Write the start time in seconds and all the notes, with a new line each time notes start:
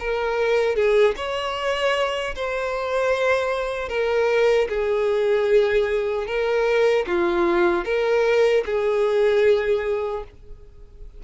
0.00 A#4
0.76 G#4
1.17 C#5
2.36 C5
3.89 A#4
4.69 G#4
6.27 A#4
7.07 F4
7.85 A#4
8.66 G#4